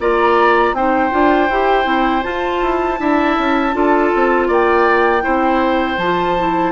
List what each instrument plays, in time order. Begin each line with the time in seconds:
0.00 bassoon A#3, clarinet F4, oboe D5, flute A#5
0.73 bassoon C4, clarinet D#4, oboe C5, flute G5
1.11 bassoon D4, clarinet F4
1.50 bassoon E4, clarinet G4
1.85 bassoon C4, clarinet E4
2.23 clarinet F4, bassoon F4, flute A5
2.62 bassoon E4
2.98 bassoon D4, clarinet E4, oboe E5
3.38 bassoon C#4
3.73 bassoon D4, clarinet F4, oboe A4
4.15 bassoon C4
4.48 bassoon A#3, oboe D5, flute G5
5.21 bassoon C4, clarinet E4, oboe C5
5.98 bassoon F3, clarinet F4, flute A5
6.38 clarinet E4